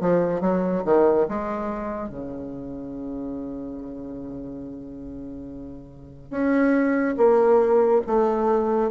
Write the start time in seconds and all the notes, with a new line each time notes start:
0.00 F3
0.41 F#3
0.85 D#3
1.28 G#3
2.09 C#3
6.30 C#4
7.17 A#3
8.07 A3